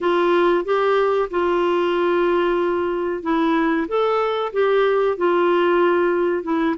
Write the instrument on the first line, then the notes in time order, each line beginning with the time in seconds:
clarinet
0.00 F4
0.64 G4
1.30 F4
3.23 E4
3.88 A4
4.52 G4
5.17 F4
6.43 E4